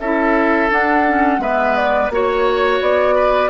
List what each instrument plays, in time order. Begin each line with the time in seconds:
0.00 bassoon C#4, clarinet E4, oboe A4, flute E5
0.70 clarinet D4, bassoon D4, flute F#5
1.08 clarinet C#4
1.39 bassoon G#3, clarinet B3, oboe B4, flute E5
1.76 flute D5
2.10 bassoon A#3, clarinet F#4, flute C#5, oboe C#5
2.81 bassoon B3, flute D5
3.16 oboe B4